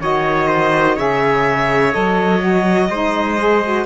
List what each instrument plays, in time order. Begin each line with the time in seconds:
0.00 cello D#3, saxophone F#4, trumpet C#5, violin D#5
0.47 trumpet C5
0.94 cello C#3, saxophone G#4, trumpet C#5, violin E5
1.91 cello F#3, saxophone A4, violin D#5
2.40 saxophone F#4
2.89 cello G#3, saxophone D#4, trumpet C5
3.38 saxophone G#4
3.64 saxophone F#4